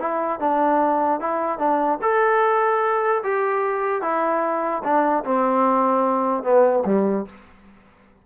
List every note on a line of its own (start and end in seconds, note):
0.00 0.40 E4
0.40 1.20 D4
1.20 1.59 E4
1.59 1.99 D4
2.02 3.23 A4
3.23 4.02 G4
4.02 4.82 E4
4.84 5.24 D4
5.24 6.43 C4
6.43 6.84 B3
6.85 7.26 G3